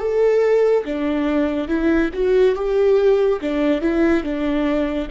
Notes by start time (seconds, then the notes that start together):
0.00 A4
0.85 D4
1.68 E4
2.14 F#4
2.56 G4
3.42 D4
3.82 E4
4.24 D4